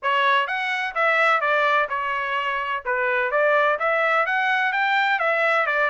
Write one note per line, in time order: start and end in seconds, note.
0.02 0.47 C#5
0.47 0.94 F#5
0.94 1.40 E5
1.40 1.88 D5
1.89 2.83 C#5
2.85 3.31 B4
3.31 3.78 D5
3.79 4.26 E5
4.26 4.72 F#5
4.72 5.19 G5
5.19 5.66 E5
5.66 5.89 D5